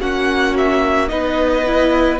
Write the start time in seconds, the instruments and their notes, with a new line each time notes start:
0.00 cello A#3, viola C#4, violin F#4 F#5
0.57 violin E5
1.08 cello B3, viola D#4, violin B4 D#5
1.66 viola E4